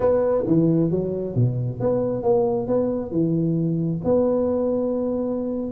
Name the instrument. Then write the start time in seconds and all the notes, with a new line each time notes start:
tuba
0.00 B3
0.46 E3
0.90 F#3
1.35 B2
1.80 B3
2.22 A#3
2.67 B3
3.11 E3
4.04 B3